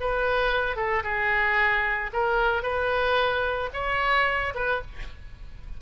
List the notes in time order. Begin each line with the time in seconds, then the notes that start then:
0.00 B4
0.76 A4
1.03 G#4
2.13 A#4
2.62 B4
3.73 C#5
4.54 B4